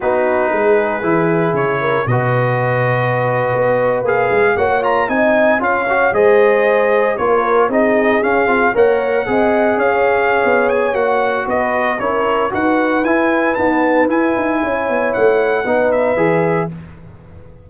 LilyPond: <<
  \new Staff \with { instrumentName = "trumpet" } { \time 4/4 \tempo 4 = 115 b'2. cis''4 | dis''2.~ dis''8. f''16~ | f''8. fis''8 ais''8 gis''4 f''4 dis''16~ | dis''4.~ dis''16 cis''4 dis''4 f''16~ |
f''8. fis''2 f''4~ f''16~ | f''8 gis''8 fis''4 dis''4 cis''4 | fis''4 gis''4 a''4 gis''4~ | gis''4 fis''4. e''4. | }
  \new Staff \with { instrumentName = "horn" } { \time 4/4 fis'4 gis'2~ gis'8 ais'8 | b'1~ | b'8. cis''4 dis''4 cis''4 c''16~ | c''4.~ c''16 ais'4 gis'4~ gis'16~ |
gis'8. cis''4 dis''4 cis''4~ cis''16~ | cis''2 b'4 ais'4 | b'1 | cis''2 b'2 | }
  \new Staff \with { instrumentName = "trombone" } { \time 4/4 dis'2 e'2 | fis'2.~ fis'8. gis'16~ | gis'8. fis'8 f'8 dis'4 f'8 fis'8 gis'16~ | gis'4.~ gis'16 f'4 dis'4 cis'16~ |
cis'16 f'8 ais'4 gis'2~ gis'16~ | gis'4 fis'2 e'4 | fis'4 e'4 b4 e'4~ | e'2 dis'4 gis'4 | }
  \new Staff \with { instrumentName = "tuba" } { \time 4/4 b4 gis4 e4 cis4 | b,2~ b,8. b4 ais16~ | ais16 gis8 ais4 c'4 cis'4 gis16~ | gis4.~ gis16 ais4 c'4 cis'16~ |
cis'16 c'8 ais4 c'4 cis'4~ cis'16 | b4 ais4 b4 cis'4 | dis'4 e'4 dis'4 e'8 dis'8 | cis'8 b8 a4 b4 e4 | }
>>